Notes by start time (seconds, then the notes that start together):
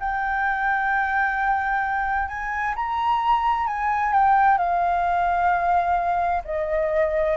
0.00 G5
2.28 G#5
2.75 A#5
3.67 G#5
4.13 G5
4.58 F5
6.44 D#5